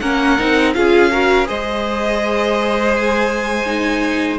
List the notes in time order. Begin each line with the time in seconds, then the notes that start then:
0.00 A#3 C#4 A#4 F#5
0.38 C4 D#4
0.74 C#4 F4 G#4 F5
1.11 F#4 A#4
1.45 G#3 G#4 C5 D#5
2.96 G#5
3.66 D#4